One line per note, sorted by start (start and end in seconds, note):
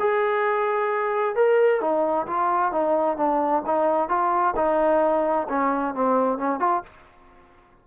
0.00 1.36 G#4
1.36 1.81 A#4
1.81 2.27 D#4
2.27 2.73 F4
2.73 3.17 D#4
3.17 3.63 D4
3.66 4.09 D#4
4.09 4.55 F4
4.56 5.48 D#4
5.49 5.95 C#4
5.95 6.39 C4
6.39 6.60 C#4
6.60 6.83 F4